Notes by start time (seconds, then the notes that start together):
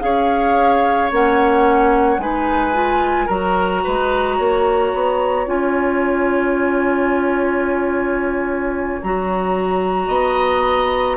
0.00 C#4 G#4 C#5 F5
1.11 A#3 C#4 F#5
2.18 G#3 D#4 B4 G#5
2.73 F4
3.25 F#3 F#4 A#4 A#5
3.84 G#3 B4
4.37 A#3 C#5
4.93 B3
5.46 C#4 F4 G#5
9.02 F#3 F#4 A#5
10.07 B3 D#5